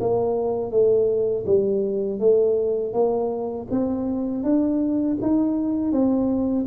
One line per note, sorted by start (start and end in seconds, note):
0.00 0.71 A#3
0.71 1.45 A3
1.46 2.20 G3
2.20 2.93 A3
2.93 3.67 A#3
3.71 4.43 C4
4.43 5.18 D4
5.22 5.92 D#4
5.92 6.66 C4